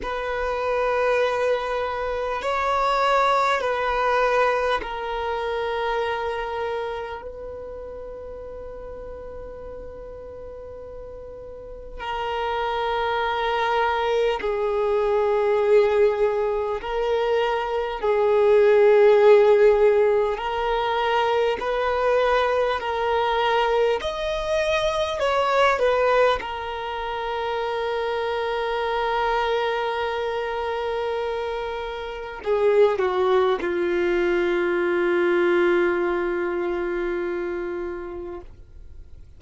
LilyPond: \new Staff \with { instrumentName = "violin" } { \time 4/4 \tempo 4 = 50 b'2 cis''4 b'4 | ais'2 b'2~ | b'2 ais'2 | gis'2 ais'4 gis'4~ |
gis'4 ais'4 b'4 ais'4 | dis''4 cis''8 b'8 ais'2~ | ais'2. gis'8 fis'8 | f'1 | }